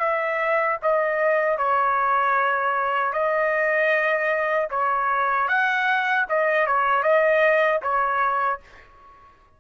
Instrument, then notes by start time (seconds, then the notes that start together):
trumpet
0.00 E5
0.83 D#5
1.58 C#5
3.13 D#5
4.70 C#5
5.48 F#5
6.29 D#5
6.67 C#5
7.03 D#5
7.83 C#5